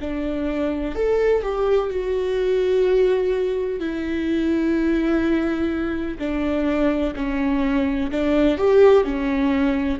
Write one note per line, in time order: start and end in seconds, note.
0.00 0.95 D4
0.95 1.42 A4
1.42 1.90 G4
1.90 3.80 F#4
3.80 6.18 E4
6.19 7.14 D4
7.16 8.11 C#4
8.11 8.57 D4
8.57 9.04 G4
9.04 9.99 C#4